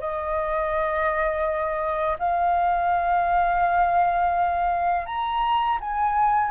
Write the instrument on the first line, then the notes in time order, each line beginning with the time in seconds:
flute
0.00 D#5
2.19 F5
5.06 A#5
5.81 G#5